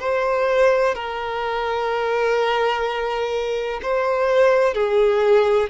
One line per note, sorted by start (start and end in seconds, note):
0.00 0.95 C5
0.95 3.81 A#4
3.83 4.74 C5
4.74 5.70 G#4